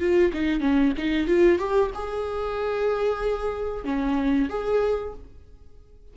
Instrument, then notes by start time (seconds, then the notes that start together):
viola
0.00 F4
0.33 D#4
0.61 C#4
0.98 D#4
1.28 F4
1.59 G4
1.94 G#4
3.84 C#4
4.49 G#4